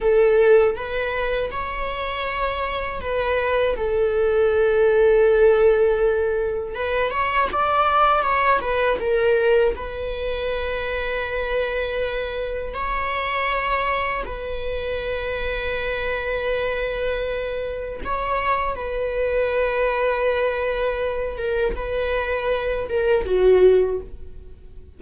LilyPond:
\new Staff \with { instrumentName = "viola" } { \time 4/4 \tempo 4 = 80 a'4 b'4 cis''2 | b'4 a'2.~ | a'4 b'8 cis''8 d''4 cis''8 b'8 | ais'4 b'2.~ |
b'4 cis''2 b'4~ | b'1 | cis''4 b'2.~ | b'8 ais'8 b'4. ais'8 fis'4 | }